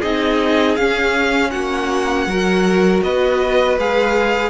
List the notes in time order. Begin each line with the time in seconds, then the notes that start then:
0.00 C4 D#4 G#4 D#5
0.76 C#4 F5
1.50 A#3 F#4 F#5
2.26 F#3 F#4 A#4
3.03 B3 B4 D#5
3.78 G#3 G#4 F5